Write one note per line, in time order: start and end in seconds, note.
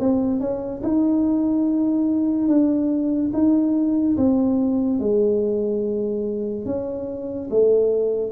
0.00 0.40 C4
0.40 0.82 C#4
0.83 2.48 D#4
2.48 3.32 D4
3.33 4.17 D#4
4.17 5.00 C4
5.00 6.66 G#3
6.66 7.49 C#4
7.50 8.32 A3